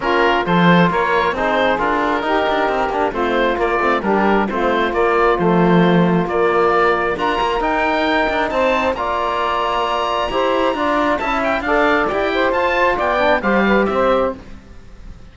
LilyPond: <<
  \new Staff \with { instrumentName = "oboe" } { \time 4/4 \tempo 4 = 134 ais'4 c''4 cis''4 c''4 | ais'2. c''4 | d''4 ais'4 c''4 d''4 | c''2 d''2 |
ais''4 g''2 a''4 | ais''1~ | ais''4 a''8 g''8 f''4 g''4 | a''4 g''4 f''4 e''4 | }
  \new Staff \with { instrumentName = "saxophone" } { \time 4/4 f'4 a'4 ais'4 gis'4~ | gis'4 g'2 f'4~ | f'4 g'4 f'2~ | f'1 |
ais'2. c''4 | d''2. c''4 | d''4 e''4 d''4. c''8~ | c''4 d''4 c''8 b'8 c''4 | }
  \new Staff \with { instrumentName = "trombone" } { \time 4/4 cis'4 f'2 dis'4 | f'4 dis'4. d'8 c'4 | ais8 c'8 d'4 c'4 ais4 | a2 ais2 |
f'4 dis'2. | f'2. g'4 | f'4 e'4 a'4 g'4 | f'4. d'8 g'2 | }
  \new Staff \with { instrumentName = "cello" } { \time 4/4 ais4 f4 ais4 c'4 | d'4 dis'8 d'8 c'8 ais8 a4 | ais8 a8 g4 a4 ais4 | f2 ais2 |
d'8 ais8 dis'4. d'8 c'4 | ais2. e'4 | d'4 cis'4 d'4 e'4 | f'4 b4 g4 c'4 | }
>>